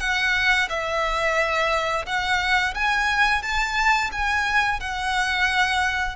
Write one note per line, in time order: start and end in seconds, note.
0.00 0.68 F#5
0.69 2.05 E5
2.06 2.74 F#5
2.74 3.42 G#5
3.42 4.10 A5
4.12 4.80 G#5
4.80 6.16 F#5